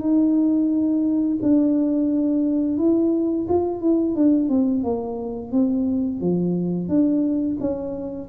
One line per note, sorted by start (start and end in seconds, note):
0.00 1.38 D#4
1.42 2.78 D4
2.78 3.47 E4
3.49 3.81 F4
3.81 4.15 E4
4.15 4.49 D4
4.49 4.83 C4
4.83 5.52 A#3
5.52 6.21 C4
6.21 6.89 F3
6.89 7.58 D4
7.60 8.29 C#4